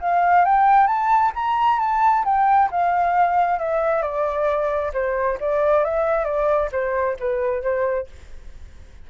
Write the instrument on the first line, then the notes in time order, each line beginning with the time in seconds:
flute
0.00 F5
0.45 G5
0.87 A5
1.35 A#5
1.79 A5
2.24 G5
2.71 F5
3.59 E5
4.02 D5
4.93 C5
5.40 D5
5.84 E5
6.24 D5
6.71 C5
7.19 B4
7.62 C5